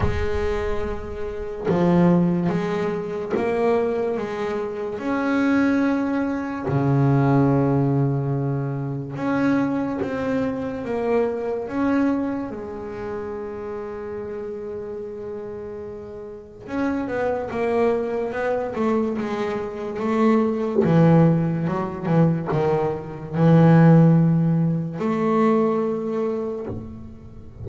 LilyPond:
\new Staff \with { instrumentName = "double bass" } { \time 4/4 \tempo 4 = 72 gis2 f4 gis4 | ais4 gis4 cis'2 | cis2. cis'4 | c'4 ais4 cis'4 gis4~ |
gis1 | cis'8 b8 ais4 b8 a8 gis4 | a4 e4 fis8 e8 dis4 | e2 a2 | }